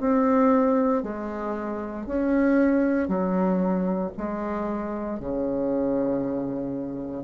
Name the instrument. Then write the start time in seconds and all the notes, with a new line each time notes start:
bassoon
0.00 C4
1.03 G#3
2.07 C#4
3.08 F#3
4.18 G#3
5.20 C#3